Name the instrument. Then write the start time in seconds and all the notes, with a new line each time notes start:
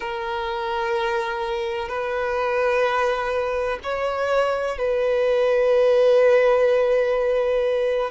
violin
0.00 A#4
1.88 B4
3.83 C#5
4.78 B4